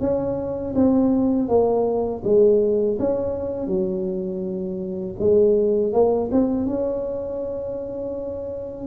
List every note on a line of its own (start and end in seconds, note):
0.00 0.74 C#4
0.75 1.48 C4
1.48 2.22 A#3
2.24 2.98 G#3
2.99 3.67 C#4
3.67 5.15 F#3
5.19 5.93 G#3
5.93 6.30 A#3
6.31 6.66 C4
6.66 8.87 C#4